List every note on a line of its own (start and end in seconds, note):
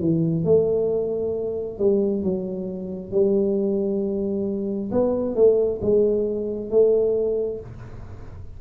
0.00 0.44 E3
0.44 1.79 A3
1.79 2.23 G3
2.23 3.11 F#3
3.11 4.91 G3
4.91 5.35 B3
5.35 5.80 A3
5.82 6.70 G#3
6.70 7.60 A3